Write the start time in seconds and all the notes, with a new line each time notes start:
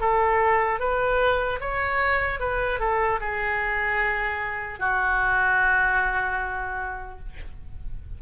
0.00 A4
0.79 B4
1.60 C#5
2.39 B4
2.79 A4
3.20 G#4
4.79 F#4